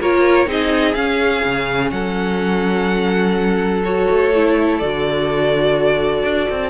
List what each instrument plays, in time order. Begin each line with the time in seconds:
0.00 cello A#3, viola F4, violin A#4 C#5
0.46 cello C4, viola D#4, violin G#4 D#5
0.94 cello C#4, viola C#4, violin F5
1.45 cello C#3
1.91 cello F#3, violin A4 F#5
3.84 viola F#4, violin C#5
4.10 cello A3
4.35 viola E4
4.79 cello D3, viola F#4, violin D5
6.24 cello D4
6.50 cello C4